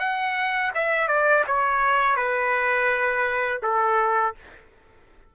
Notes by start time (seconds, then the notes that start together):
0.00 F#5
0.75 E5
1.08 D5
1.47 C#5
2.17 B4
3.63 A4